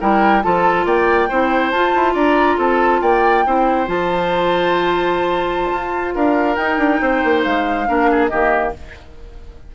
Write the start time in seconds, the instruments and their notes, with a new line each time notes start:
0.00 bassoon G3, clarinet E4, oboe A#4, flute G5
0.42 bassoon F3, clarinet F4, oboe A4, flute A5
0.86 bassoon A#3, oboe D5, flute G5
1.29 bassoon C4, clarinet E4, oboe C5
1.71 bassoon F4, clarinet F4, flute A5
1.95 bassoon E4
2.14 bassoon D4, oboe D5, flute A#5
2.58 bassoon C4, oboe A4, flute A5
3.02 bassoon A#3, oboe D5, flute G5
3.46 bassoon C4, clarinet E4, oboe C5
3.87 bassoon F3, clarinet F4, flute A5
5.72 bassoon F4
6.15 bassoon D4, oboe A#4, flute F5
6.56 bassoon D#4, clarinet D#4, flute G5
6.78 bassoon D4
7.01 bassoon C4, oboe C5
7.24 bassoon A#3
7.43 bassoon G#3, flute F5
7.87 bassoon A#3, clarinet D4, oboe A#4
8.11 oboe G#4
8.28 bassoon D#3, clarinet A#3, oboe G4, flute D#5